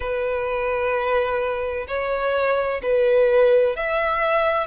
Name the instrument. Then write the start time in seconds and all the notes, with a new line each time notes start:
violin
0.00 B4
1.87 C#5
2.82 B4
3.76 E5